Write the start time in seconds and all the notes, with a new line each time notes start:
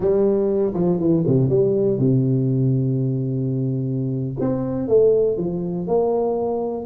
0.00 G3
0.74 F3
0.99 E3
1.27 C3
1.49 G3
1.99 C3
4.40 C4
4.88 A3
5.37 F3
5.87 A#3